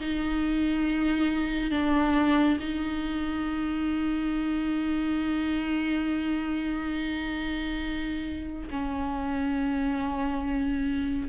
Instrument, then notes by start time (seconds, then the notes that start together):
viola
0.00 D#4
1.70 D4
2.60 D#4
8.70 C#4